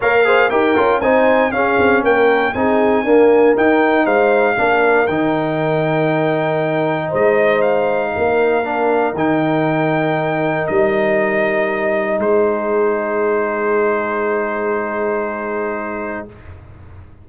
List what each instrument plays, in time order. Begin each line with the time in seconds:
0.00 tuba A#3, trombone A#4, horn C#5, trumpet F5
0.24 trombone G#4, horn C5
0.50 tuba D#4, trombone G4, horn A#4, trumpet G5
0.76 tuba C#4, trombone F4
1.01 tuba C4, trombone D#4, horn C5, trumpet G#5
1.51 tuba C#4, trombone C#4, horn G#4, trumpet F5
1.78 tuba C4
2.03 tuba A#3, horn A#4, trumpet G5
2.53 tuba C4, trombone D#4, horn G#4, trumpet G#5
3.03 trombone A#3, tuba D4, horn A#4
3.56 trombone D#4, tuba D#4, trumpet G5
4.03 tuba G#3, horn C5, trumpet F5
4.56 tuba A#3, trombone D4, horn A#4
5.06 tuba D#3, trombone D#4, trumpet G5
7.08 tuba G#3, horn C5
7.14 trumpet D#5
7.61 trumpet F5
8.14 tuba A#3, horn A#4
8.64 trombone D4
9.13 tuba D#3, trombone D#4, trumpet G5
10.67 tuba G3, trumpet D#5
12.18 tuba G#3, horn G#4, trumpet C5